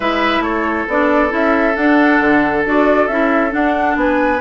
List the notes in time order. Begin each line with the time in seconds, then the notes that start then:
0.00 G#3 E4 B4 E5
0.39 A3 A4 C#5
0.88 B3 D4 D5
1.29 C#4 E4 E5
1.76 D4 F#5
2.20 D3
2.65 D4 F#4 D5
3.07 C#4 E4 E5
3.50 D4 F#5
3.96 B3 B4 G#5